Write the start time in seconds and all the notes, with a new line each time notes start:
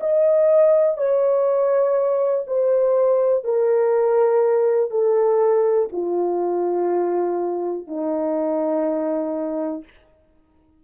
0.00 D#5
0.97 C#5
2.47 C5
3.44 A#4
4.90 A4
5.92 F4
7.87 D#4